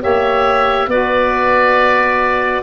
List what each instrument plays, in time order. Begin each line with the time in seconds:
0.00 tuba A#3, saxophone G4, clarinet C#5, oboe E5
0.87 tuba B3, saxophone F#4, clarinet B4, oboe D5